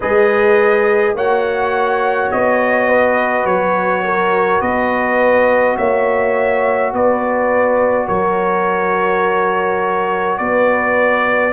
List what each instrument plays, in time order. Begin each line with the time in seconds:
0.00 tuba G#3, trombone G#4, horn B4, trumpet D#5
1.14 tuba A#3, trombone F#4, horn C#5, trumpet F#5
2.31 tuba B3, trumpet D#5
2.87 horn B4
3.44 tuba F#3, trumpet C#5
4.04 horn A#4
4.60 tuba B3, horn B4, trumpet D#5
5.77 tuba A#3, horn C#5, trumpet E5
6.92 tuba B3, horn B4, trumpet D5
8.07 tuba F#3, horn A#4, trumpet C#5
10.38 tuba B3, horn B4, trumpet D5